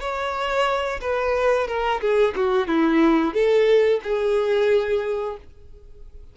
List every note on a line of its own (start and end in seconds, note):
0.00 1.00 C#5
1.01 1.68 B4
1.68 2.01 A#4
2.01 2.34 G#4
2.36 2.68 F#4
2.68 3.34 E4
3.34 4.00 A4
4.04 5.37 G#4